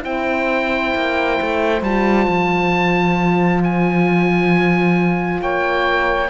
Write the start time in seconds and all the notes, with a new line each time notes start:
0.00 C4 E4 C5 G5
0.95 A#3
1.41 A3
1.82 G3 F4 A5
2.28 F3
3.64 G#5
5.40 A#3 C#5 G5